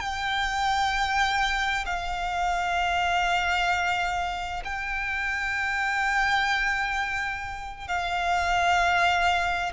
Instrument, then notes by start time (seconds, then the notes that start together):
violin
0.00 G5
1.85 F5
4.64 G5
7.88 F5